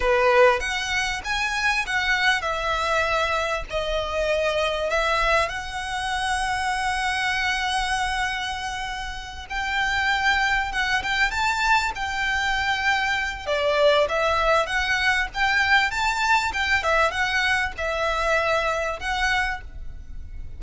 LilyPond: \new Staff \with { instrumentName = "violin" } { \time 4/4 \tempo 4 = 98 b'4 fis''4 gis''4 fis''4 | e''2 dis''2 | e''4 fis''2.~ | fis''2.~ fis''8 g''8~ |
g''4. fis''8 g''8 a''4 g''8~ | g''2 d''4 e''4 | fis''4 g''4 a''4 g''8 e''8 | fis''4 e''2 fis''4 | }